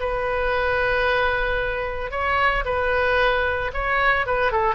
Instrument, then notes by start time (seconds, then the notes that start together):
oboe
0.00 B4
2.11 C#5
2.65 B4
3.73 C#5
4.26 B4
4.52 A4